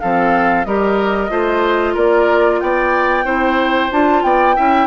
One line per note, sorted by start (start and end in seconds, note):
0.00 0.65 F3
0.00 0.67 C4
0.00 0.67 A4
0.00 0.65 F5
0.65 1.31 G3
0.65 1.30 G4
0.65 1.31 A#4
0.65 1.95 D#5
1.30 1.96 A3
1.30 3.25 F4
1.30 1.94 C5
1.94 2.62 A#3
1.94 2.59 A#4
1.94 2.60 D5
2.60 3.25 B3
2.60 3.25 D5
2.60 3.91 G5
3.25 3.90 C4
3.25 3.90 E4
3.25 4.23 C5
3.92 4.23 D4
3.92 4.56 F4
3.92 4.23 A5
4.23 4.56 B3
4.23 4.56 D5
4.23 4.87 G5
4.56 4.87 C#4
4.56 4.87 E4
4.56 4.87 E5